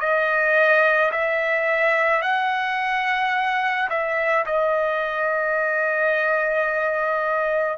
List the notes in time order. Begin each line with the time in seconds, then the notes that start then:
0.00 D#5
1.11 E5
2.22 F#5
3.89 E5
4.46 D#5